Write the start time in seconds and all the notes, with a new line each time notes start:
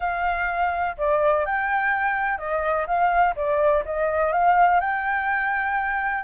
0.00 F5
0.97 D5
1.45 G5
2.38 D#5
2.87 F5
3.36 D5
3.85 D#5
4.32 F5
4.80 G5